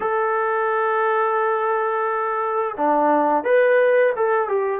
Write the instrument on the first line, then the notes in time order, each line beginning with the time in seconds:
trombone
0.00 A4
2.77 D4
3.44 B4
4.15 A4
4.48 G4